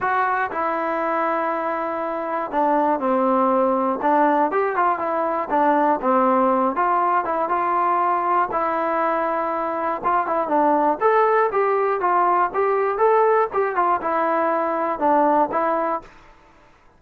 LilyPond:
\new Staff \with { instrumentName = "trombone" } { \time 4/4 \tempo 4 = 120 fis'4 e'2.~ | e'4 d'4 c'2 | d'4 g'8 f'8 e'4 d'4 | c'4. f'4 e'8 f'4~ |
f'4 e'2. | f'8 e'8 d'4 a'4 g'4 | f'4 g'4 a'4 g'8 f'8 | e'2 d'4 e'4 | }